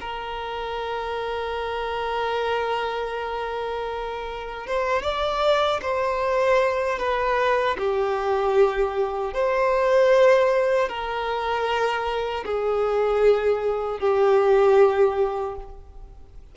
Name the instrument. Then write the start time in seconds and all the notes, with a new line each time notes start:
violin
0.00 A#4
4.66 C5
5.02 D5
5.82 C5
6.98 B4
7.78 G4
9.33 C5
10.88 A#4
12.45 G#4
13.99 G4